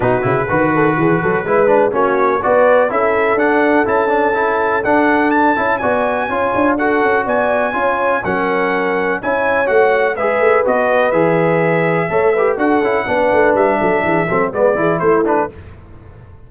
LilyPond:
<<
  \new Staff \with { instrumentName = "trumpet" } { \time 4/4 \tempo 4 = 124 b'1 | cis''4 d''4 e''4 fis''4 | a''2 fis''4 a''4 | gis''2 fis''4 gis''4~ |
gis''4 fis''2 gis''4 | fis''4 e''4 dis''4 e''4~ | e''2 fis''2 | e''2 d''4 c''8 b'8 | }
  \new Staff \with { instrumentName = "horn" } { \time 4/4 fis'4 b'8 a'8 gis'8 a'8 b'4 | fis'4 b'4 a'2~ | a'1 | d''4 cis''4 a'4 d''4 |
cis''4 ais'2 cis''4~ | cis''4 b'2.~ | b'4 cis''8 b'8 a'4 b'4~ | b'8 a'8 gis'8 a'8 b'8 gis'8 e'4 | }
  \new Staff \with { instrumentName = "trombone" } { \time 4/4 dis'8 e'8 fis'2 e'8 d'8 | cis'4 fis'4 e'4 d'4 | e'8 d'8 e'4 d'4. e'8 | fis'4 f'4 fis'2 |
f'4 cis'2 e'4 | fis'4 gis'4 fis'4 gis'4~ | gis'4 a'8 g'8 fis'8 e'8 d'4~ | d'4. c'8 b8 e'4 d'8 | }
  \new Staff \with { instrumentName = "tuba" } { \time 4/4 b,8 cis8 dis4 e8 fis8 gis4 | ais4 b4 cis'4 d'4 | cis'2 d'4. cis'8 | b4 cis'8 d'4 cis'8 b4 |
cis'4 fis2 cis'4 | a4 gis8 a8 b4 e4~ | e4 a4 d'8 cis'8 b8 a8 | g8 fis8 e8 fis8 gis8 e8 a4 | }
>>